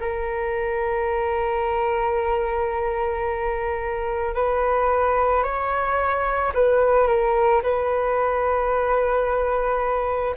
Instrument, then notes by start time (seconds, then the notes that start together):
flute
0.00 A#4
4.35 B4
5.43 C#5
6.54 B4
7.08 A#4
7.63 B4